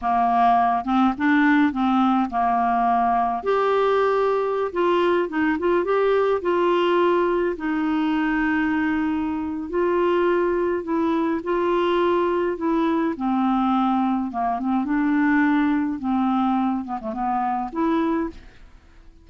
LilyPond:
\new Staff \with { instrumentName = "clarinet" } { \time 4/4 \tempo 4 = 105 ais4. c'8 d'4 c'4 | ais2 g'2~ | g'16 f'4 dis'8 f'8 g'4 f'8.~ | f'4~ f'16 dis'2~ dis'8.~ |
dis'4 f'2 e'4 | f'2 e'4 c'4~ | c'4 ais8 c'8 d'2 | c'4. b16 a16 b4 e'4 | }